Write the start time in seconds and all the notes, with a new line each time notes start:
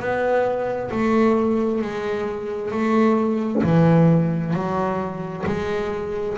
0.00 B3
0.92 A3
1.82 G#3
2.72 A3
3.64 E3
4.54 F#3
5.47 G#3